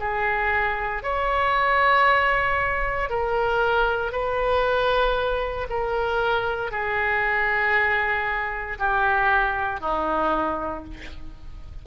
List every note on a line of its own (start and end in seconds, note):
0.00 1.03 G#4
1.03 3.10 C#5
3.10 4.12 A#4
4.12 5.68 B4
5.70 6.71 A#4
6.71 8.78 G#4
8.79 9.81 G4
9.81 10.84 D#4